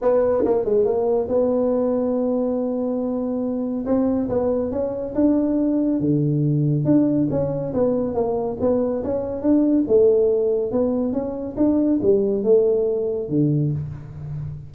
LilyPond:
\new Staff \with { instrumentName = "tuba" } { \time 4/4 \tempo 4 = 140 b4 ais8 gis8 ais4 b4~ | b1~ | b4 c'4 b4 cis'4 | d'2 d2 |
d'4 cis'4 b4 ais4 | b4 cis'4 d'4 a4~ | a4 b4 cis'4 d'4 | g4 a2 d4 | }